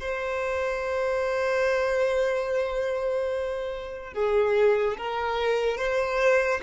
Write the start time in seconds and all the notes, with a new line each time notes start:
0.00 C5
4.14 G#4
4.98 A#4
5.78 C5